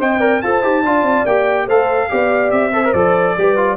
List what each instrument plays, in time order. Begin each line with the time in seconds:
0.00 tuba C4, trombone C5, horn D#5, trumpet G5
0.20 trombone A#4, horn D5
0.42 tuba F4, trombone A4, horn C5, trumpet A5
0.63 tuba D#4, trombone G4
0.84 tuba D4, trombone F4, horn D5
1.03 tuba C4
1.26 tuba A#3, trombone G4, trumpet G5
1.66 tuba A3, trombone A4, horn C5, trumpet F5
2.10 tuba B3, trombone G4, horn D5
2.51 tuba C4, trumpet E5
2.73 trombone A4, horn C5
2.85 trombone A#4
2.94 tuba F3, trombone A4, trumpet D5
3.37 tuba G3, trombone G4, horn B4
3.57 trombone F4